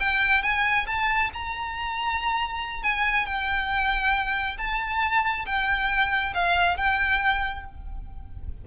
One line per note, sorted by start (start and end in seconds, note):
0.00 0.43 G5
0.43 0.87 G#5
0.87 1.30 A5
1.34 2.83 A#5
2.83 3.26 G#5
3.26 4.57 G5
4.58 5.45 A5
5.46 6.34 G5
6.34 6.77 F5
6.77 7.65 G5